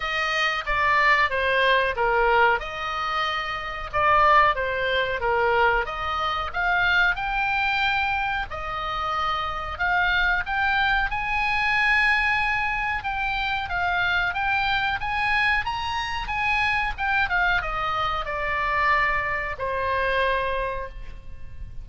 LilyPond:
\new Staff \with { instrumentName = "oboe" } { \time 4/4 \tempo 4 = 92 dis''4 d''4 c''4 ais'4 | dis''2 d''4 c''4 | ais'4 dis''4 f''4 g''4~ | g''4 dis''2 f''4 |
g''4 gis''2. | g''4 f''4 g''4 gis''4 | ais''4 gis''4 g''8 f''8 dis''4 | d''2 c''2 | }